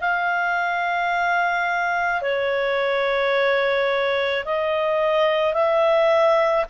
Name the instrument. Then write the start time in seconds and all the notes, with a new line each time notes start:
clarinet
0.00 F5
2.21 C#5
4.44 D#5
5.54 E5